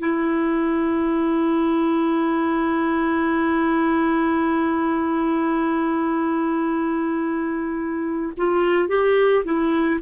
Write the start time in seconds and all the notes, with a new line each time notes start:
0.00 E4
8.38 F4
8.89 G4
9.45 E4